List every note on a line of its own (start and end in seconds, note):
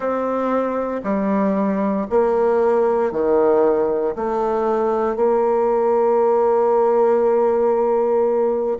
0.00 1.01 C4
1.03 2.06 G3
2.09 3.11 A#3
3.11 4.15 D#3
4.15 5.15 A3
5.15 8.77 A#3